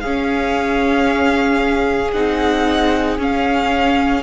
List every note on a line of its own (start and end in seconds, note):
0.00 2.14 C#4
0.00 4.23 G#4
0.00 2.11 F5
2.12 3.18 C4
2.12 3.18 D#4
2.12 3.18 F#5
3.18 4.23 C#4
3.18 4.23 F5